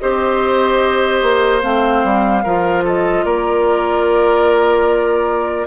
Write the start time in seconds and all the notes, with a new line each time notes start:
0.00 C4 G4 C5 D#5
1.23 A#3
1.62 A3 C4 F5
2.04 G3
2.44 F3 F4 A#4
2.84 A4 D#5
3.25 A#3 A#4 D5